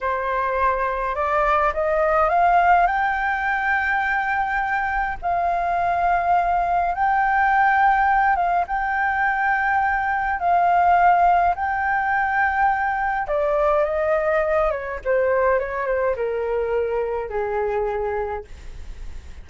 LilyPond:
\new Staff \with { instrumentName = "flute" } { \time 4/4 \tempo 4 = 104 c''2 d''4 dis''4 | f''4 g''2.~ | g''4 f''2. | g''2~ g''8 f''8 g''4~ |
g''2 f''2 | g''2. d''4 | dis''4. cis''8 c''4 cis''8 c''8 | ais'2 gis'2 | }